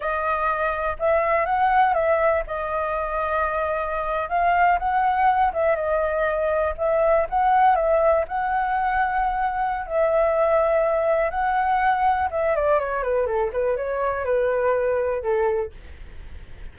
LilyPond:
\new Staff \with { instrumentName = "flute" } { \time 4/4 \tempo 4 = 122 dis''2 e''4 fis''4 | e''4 dis''2.~ | dis''8. f''4 fis''4. e''8 dis''16~ | dis''4.~ dis''16 e''4 fis''4 e''16~ |
e''8. fis''2.~ fis''16 | e''2. fis''4~ | fis''4 e''8 d''8 cis''8 b'8 a'8 b'8 | cis''4 b'2 a'4 | }